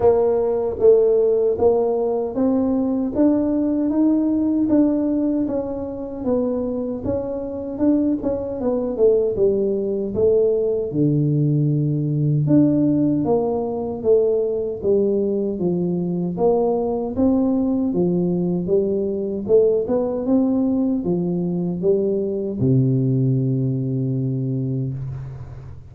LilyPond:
\new Staff \with { instrumentName = "tuba" } { \time 4/4 \tempo 4 = 77 ais4 a4 ais4 c'4 | d'4 dis'4 d'4 cis'4 | b4 cis'4 d'8 cis'8 b8 a8 | g4 a4 d2 |
d'4 ais4 a4 g4 | f4 ais4 c'4 f4 | g4 a8 b8 c'4 f4 | g4 c2. | }